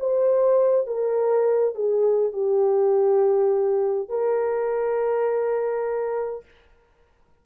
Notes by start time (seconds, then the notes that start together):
0.00 C5
0.87 A#4
1.75 G#4
2.33 G4
4.09 A#4